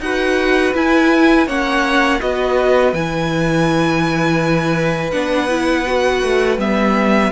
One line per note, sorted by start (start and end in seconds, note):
0.00 0.73 D#4
0.00 0.74 F#4
0.00 1.47 B4
0.00 0.74 F#5
0.74 1.47 E4
0.74 1.48 E4
0.74 1.48 G#5
1.47 2.20 A#3
1.47 2.20 C#4
1.47 2.21 C#5
1.47 2.21 F#5
2.20 2.93 B3
2.20 2.93 F#4
2.20 7.32 B4
2.20 2.94 D#5
2.93 5.13 E3
2.93 5.12 E4
2.93 5.11 G#5
5.11 6.23 B3
5.11 5.49 D4
5.11 6.58 F#5
5.49 5.86 E4
5.86 6.59 F#4
6.23 6.58 A3
6.58 7.31 G3
6.58 7.32 B3
6.58 7.32 E5